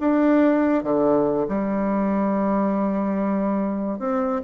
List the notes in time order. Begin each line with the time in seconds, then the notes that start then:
0.00 D4
0.83 D3
1.48 G3
3.99 C4